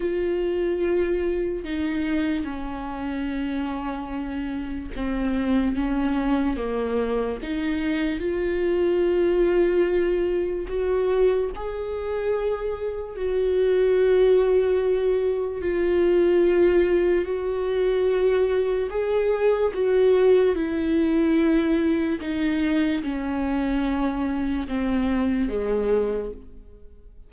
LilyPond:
\new Staff \with { instrumentName = "viola" } { \time 4/4 \tempo 4 = 73 f'2 dis'4 cis'4~ | cis'2 c'4 cis'4 | ais4 dis'4 f'2~ | f'4 fis'4 gis'2 |
fis'2. f'4~ | f'4 fis'2 gis'4 | fis'4 e'2 dis'4 | cis'2 c'4 gis4 | }